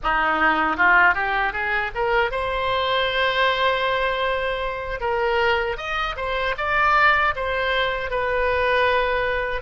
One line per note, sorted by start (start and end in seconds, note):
0.03 0.77 D#4
0.77 1.14 F4
1.14 1.52 G4
1.52 1.91 G#4
1.94 2.31 A#4
2.31 5.00 C5
5.00 5.77 A#4
5.77 6.15 D#5
6.16 6.55 C5
6.57 7.34 D5
7.35 8.10 C5
8.10 9.61 B4